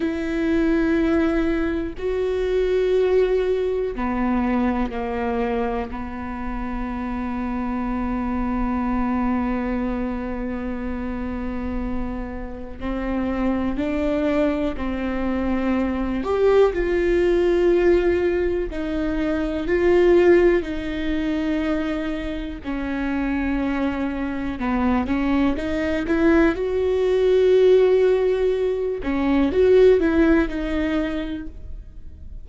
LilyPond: \new Staff \with { instrumentName = "viola" } { \time 4/4 \tempo 4 = 61 e'2 fis'2 | b4 ais4 b2~ | b1~ | b4 c'4 d'4 c'4~ |
c'8 g'8 f'2 dis'4 | f'4 dis'2 cis'4~ | cis'4 b8 cis'8 dis'8 e'8 fis'4~ | fis'4. cis'8 fis'8 e'8 dis'4 | }